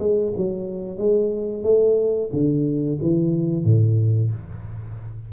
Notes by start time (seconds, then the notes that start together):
0.00 G#3
0.37 F#3
0.98 G#3
1.64 A3
2.33 D3
3.02 E3
3.65 A2